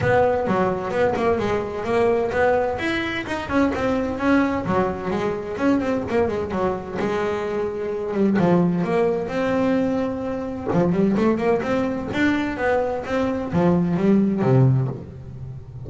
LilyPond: \new Staff \with { instrumentName = "double bass" } { \time 4/4 \tempo 4 = 129 b4 fis4 b8 ais8 gis4 | ais4 b4 e'4 dis'8 cis'8 | c'4 cis'4 fis4 gis4 | cis'8 c'8 ais8 gis8 fis4 gis4~ |
gis4. g8 f4 ais4 | c'2. f8 g8 | a8 ais8 c'4 d'4 b4 | c'4 f4 g4 c4 | }